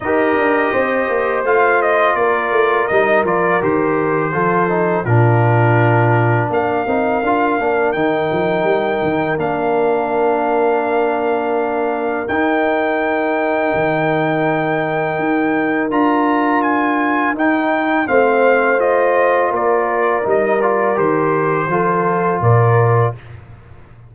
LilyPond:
<<
  \new Staff \with { instrumentName = "trumpet" } { \time 4/4 \tempo 4 = 83 dis''2 f''8 dis''8 d''4 | dis''8 d''8 c''2 ais'4~ | ais'4 f''2 g''4~ | g''4 f''2.~ |
f''4 g''2.~ | g''2 ais''4 gis''4 | g''4 f''4 dis''4 d''4 | dis''8 d''8 c''2 d''4 | }
  \new Staff \with { instrumentName = "horn" } { \time 4/4 ais'4 c''2 ais'4~ | ais'2 a'4 f'4~ | f'4 ais'2.~ | ais'1~ |
ais'1~ | ais'1~ | ais'4 c''2 ais'4~ | ais'2 a'4 ais'4 | }
  \new Staff \with { instrumentName = "trombone" } { \time 4/4 g'2 f'2 | dis'8 f'8 g'4 f'8 dis'8 d'4~ | d'4. dis'8 f'8 d'8 dis'4~ | dis'4 d'2.~ |
d'4 dis'2.~ | dis'2 f'2 | dis'4 c'4 f'2 | dis'8 f'8 g'4 f'2 | }
  \new Staff \with { instrumentName = "tuba" } { \time 4/4 dis'8 d'8 c'8 ais8 a4 ais8 a8 | g8 f8 dis4 f4 ais,4~ | ais,4 ais8 c'8 d'8 ais8 dis8 f8 | g8 dis8 ais2.~ |
ais4 dis'2 dis4~ | dis4 dis'4 d'2 | dis'4 a2 ais4 | g4 dis4 f4 ais,4 | }
>>